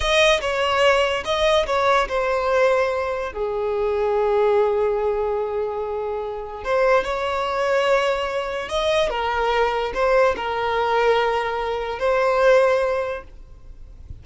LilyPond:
\new Staff \with { instrumentName = "violin" } { \time 4/4 \tempo 4 = 145 dis''4 cis''2 dis''4 | cis''4 c''2. | gis'1~ | gis'1 |
c''4 cis''2.~ | cis''4 dis''4 ais'2 | c''4 ais'2.~ | ais'4 c''2. | }